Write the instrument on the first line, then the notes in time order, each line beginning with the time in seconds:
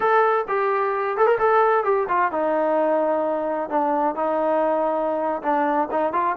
trombone
0.00 A4
0.47 G4
1.17 A4
1.26 A#4
1.38 A4
1.84 G4
2.08 F4
2.31 D#4
3.69 D4
4.15 D#4
5.42 D4
5.91 D#4
6.13 F4